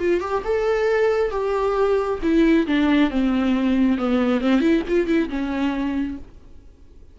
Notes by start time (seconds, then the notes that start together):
0.00 F4
0.21 G4
0.45 A4
1.31 G4
2.23 E4
2.67 D4
3.11 C4
3.99 B3
4.41 C4
4.61 E4
4.89 F4
5.07 E4
5.30 C#4